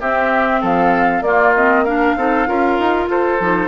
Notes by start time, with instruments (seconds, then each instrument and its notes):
0.00 bassoon C4, clarinet C4, oboe G4, flute E5
0.61 bassoon F3, oboe A4, flute F5
1.21 bassoon A#3, clarinet A#3, oboe F4, flute D5
1.55 clarinet C4, flute D#5
1.84 clarinet D4, oboe A#4, flute F5
2.16 bassoon C4, clarinet D#4, oboe A4
2.46 bassoon C#4, clarinet F4, oboe A#4
2.78 bassoon D#4
3.06 bassoon F4, oboe A4, flute C5
3.39 bassoon F3, clarinet D#4